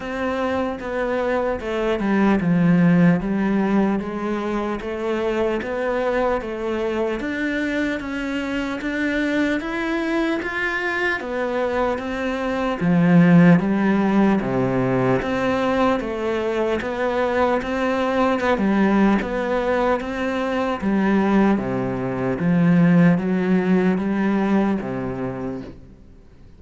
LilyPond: \new Staff \with { instrumentName = "cello" } { \time 4/4 \tempo 4 = 75 c'4 b4 a8 g8 f4 | g4 gis4 a4 b4 | a4 d'4 cis'4 d'4 | e'4 f'4 b4 c'4 |
f4 g4 c4 c'4 | a4 b4 c'4 b16 g8. | b4 c'4 g4 c4 | f4 fis4 g4 c4 | }